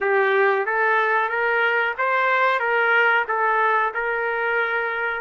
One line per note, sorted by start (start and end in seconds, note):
0.00 0.66 G4
0.66 1.29 A4
1.29 1.94 A#4
1.97 2.59 C5
2.59 3.24 A#4
3.28 3.93 A4
3.94 5.21 A#4